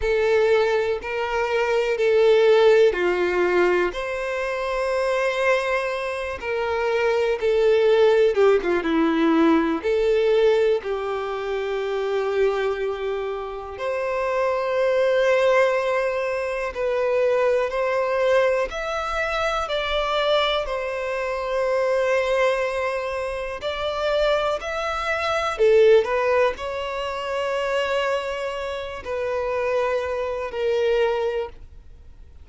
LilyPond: \new Staff \with { instrumentName = "violin" } { \time 4/4 \tempo 4 = 61 a'4 ais'4 a'4 f'4 | c''2~ c''8 ais'4 a'8~ | a'8 g'16 f'16 e'4 a'4 g'4~ | g'2 c''2~ |
c''4 b'4 c''4 e''4 | d''4 c''2. | d''4 e''4 a'8 b'8 cis''4~ | cis''4. b'4. ais'4 | }